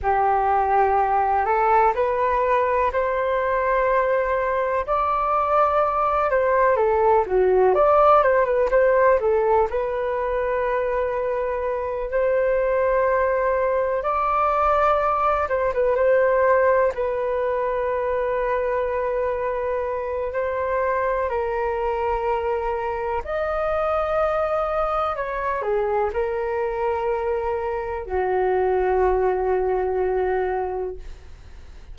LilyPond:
\new Staff \with { instrumentName = "flute" } { \time 4/4 \tempo 4 = 62 g'4. a'8 b'4 c''4~ | c''4 d''4. c''8 a'8 fis'8 | d''8 c''16 b'16 c''8 a'8 b'2~ | b'8 c''2 d''4. |
c''16 b'16 c''4 b'2~ b'8~ | b'4 c''4 ais'2 | dis''2 cis''8 gis'8 ais'4~ | ais'4 fis'2. | }